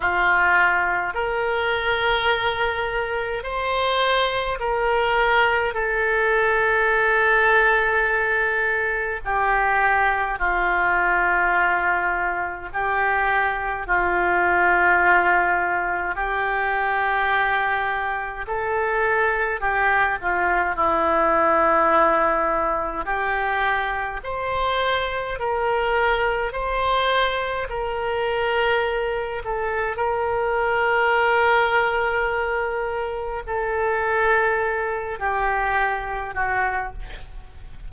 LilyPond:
\new Staff \with { instrumentName = "oboe" } { \time 4/4 \tempo 4 = 52 f'4 ais'2 c''4 | ais'4 a'2. | g'4 f'2 g'4 | f'2 g'2 |
a'4 g'8 f'8 e'2 | g'4 c''4 ais'4 c''4 | ais'4. a'8 ais'2~ | ais'4 a'4. g'4 fis'8 | }